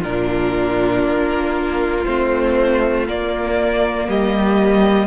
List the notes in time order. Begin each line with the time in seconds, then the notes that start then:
0.00 A#2 D4 F4 A#4
1.03 A#3
2.04 A3 C4 C5
3.06 A#3 D5
4.08 G3 G4 D#5